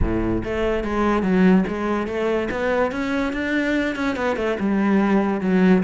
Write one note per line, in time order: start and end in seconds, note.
0.01 0.43 A2
0.44 0.84 A3
0.84 1.22 G#3
1.22 1.64 F#3
1.67 2.07 G#3
2.07 2.48 A3
2.50 2.91 B3
2.91 3.33 C#4
3.33 3.95 D4
3.95 4.16 C#4
4.16 4.36 B3
4.36 4.57 A3
4.59 5.41 G3
5.41 5.82 F#3